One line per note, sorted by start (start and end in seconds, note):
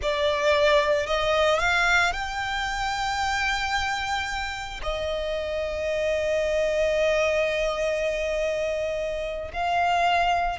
0.01 1.06 D5
1.06 1.59 D#5
1.59 2.12 F5
2.12 4.80 G5
4.82 9.51 D#5
9.53 10.59 F5